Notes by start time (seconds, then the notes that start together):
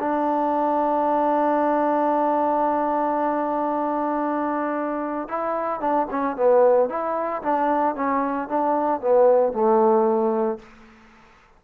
0.00 D4
5.29 E4
5.81 D4
6.11 C#4
6.36 B3
6.89 E4
7.43 D4
7.95 C#4
8.49 D4
9.01 B3
9.53 A3